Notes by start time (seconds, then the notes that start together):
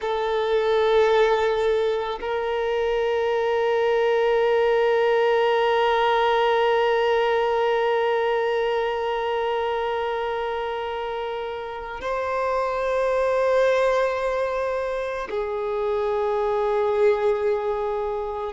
0.00 A4
2.21 A#4
12.00 C5
15.30 G#4